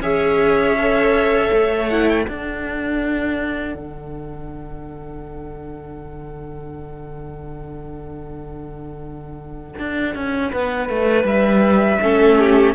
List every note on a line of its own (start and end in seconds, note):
0.00 1.50 C#4
0.00 0.77 G#4
0.00 2.24 C#5
0.00 1.90 E5
0.79 1.91 A4
1.53 2.27 A3
1.90 2.26 E4
1.90 2.09 F#5
2.09 2.23 G5
2.23 12.01 D4
2.23 3.75 D4
2.23 10.49 A4
2.23 11.23 F#5
3.75 9.75 D3
9.79 10.15 D4
10.15 10.53 C#4
10.50 10.89 B3
10.50 12.00 B4
10.89 11.24 A3
11.24 11.99 G3
11.24 12.75 E5
12.02 12.75 A3
12.02 12.75 C#4
12.02 12.39 A4
12.39 12.75 G4